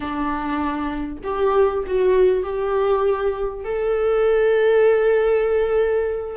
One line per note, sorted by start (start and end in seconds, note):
0.00 1.17 D4
1.23 1.84 G4
1.87 2.43 F#4
2.43 3.64 G4
3.64 6.36 A4